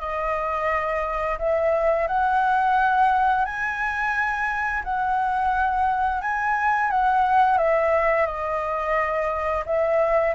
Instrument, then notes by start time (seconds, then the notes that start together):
flute
0.00 D#5
1.38 E5
2.07 F#5
3.45 G#5
4.84 F#5
6.21 G#5
6.90 F#5
7.58 E5
8.26 D#5
9.66 E5